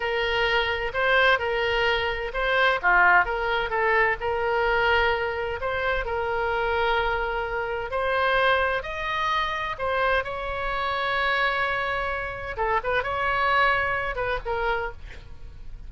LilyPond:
\new Staff \with { instrumentName = "oboe" } { \time 4/4 \tempo 4 = 129 ais'2 c''4 ais'4~ | ais'4 c''4 f'4 ais'4 | a'4 ais'2. | c''4 ais'2.~ |
ais'4 c''2 dis''4~ | dis''4 c''4 cis''2~ | cis''2. a'8 b'8 | cis''2~ cis''8 b'8 ais'4 | }